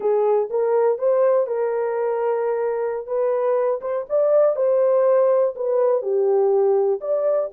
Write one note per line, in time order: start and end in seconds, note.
0.00 0.49 G#4
0.50 0.98 A#4
0.98 1.46 C5
1.46 3.06 A#4
3.06 3.80 B4
3.81 4.06 C5
4.09 4.56 D5
4.56 5.54 C5
5.55 6.01 B4
6.01 7.00 G4
7.00 7.49 D5